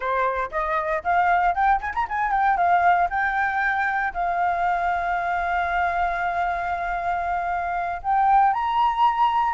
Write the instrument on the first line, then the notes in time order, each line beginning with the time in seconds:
flute
0.00 C5
0.51 D#5
1.03 F5
1.54 G5
1.80 G#5
1.94 A#5
2.09 G#5
2.31 G5
2.57 F5
3.09 G5
4.13 F5
8.02 G5
8.53 A#5